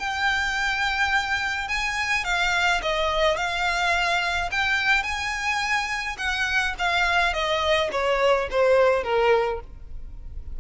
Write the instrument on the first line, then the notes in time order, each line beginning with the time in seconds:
violin
0.00 G5
1.69 G#5
2.25 F5
2.83 D#5
3.37 F5
4.52 G5
5.04 G#5
6.19 F#5
6.79 F5
7.34 D#5
7.92 C#5
8.51 C5
9.04 A#4